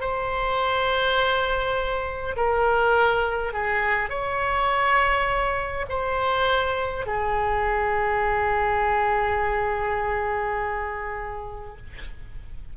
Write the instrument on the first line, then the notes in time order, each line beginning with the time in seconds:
oboe
0.00 C5
2.36 A#4
3.53 G#4
4.09 C#5
5.89 C5
7.06 G#4